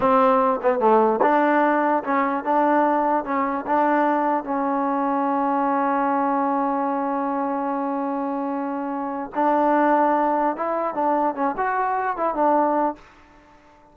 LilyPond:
\new Staff \with { instrumentName = "trombone" } { \time 4/4 \tempo 4 = 148 c'4. b8 a4 d'4~ | d'4 cis'4 d'2 | cis'4 d'2 cis'4~ | cis'1~ |
cis'1~ | cis'2. d'4~ | d'2 e'4 d'4 | cis'8 fis'4. e'8 d'4. | }